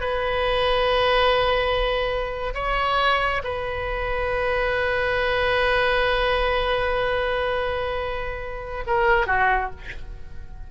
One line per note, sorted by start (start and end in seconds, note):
0.00 2.54 B4
2.54 3.42 C#5
3.43 8.84 B4
8.86 9.26 A#4
9.26 9.70 F#4